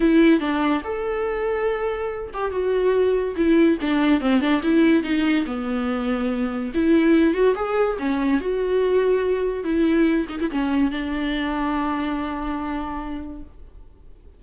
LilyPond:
\new Staff \with { instrumentName = "viola" } { \time 4/4 \tempo 4 = 143 e'4 d'4 a'2~ | a'4. g'8 fis'2 | e'4 d'4 c'8 d'8 e'4 | dis'4 b2. |
e'4. fis'8 gis'4 cis'4 | fis'2. e'4~ | e'8 dis'16 e'16 cis'4 d'2~ | d'1 | }